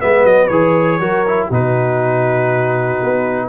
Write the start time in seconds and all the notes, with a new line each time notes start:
0.00 G#3 B3 B4 E5
0.23 F#3 D#5
0.47 E3 G#4 C#5
0.99 F#3 F#4 A#4
1.27 E4
1.46 B2 D#4 F#4
1.53 B4
3.03 B3